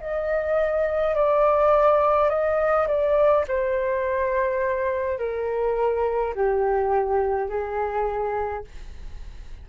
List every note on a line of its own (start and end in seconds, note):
0.00 1.15 D#5
1.15 2.29 D5
2.29 2.87 D#5
2.87 3.45 D5
3.48 5.18 C5
5.18 6.34 A#4
6.35 7.48 G4
7.48 8.64 G#4